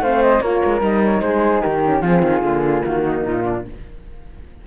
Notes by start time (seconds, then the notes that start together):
0.00 A3 C4 C5 F5
0.23 D#5
0.41 A#3 F4 A#4 C#5
0.66 G#3
0.80 G3 D#4 D#5
1.05 C#5
1.22 G#3 G#4 C5
1.62 D#3 G4 A#4
1.85 C#4
2.02 F3 C4 F4 G#4
2.23 D#3
2.42 D3 A#3
2.85 D#3 F#4
3.03 D#4
3.27 A#2 F4
3.45 D4